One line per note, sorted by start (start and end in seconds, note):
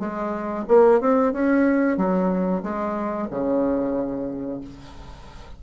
0.00 0.65 G#3
0.68 1.01 A#3
1.01 1.33 C4
1.33 1.98 C#4
1.98 2.63 F#3
2.63 3.28 G#3
3.31 4.61 C#3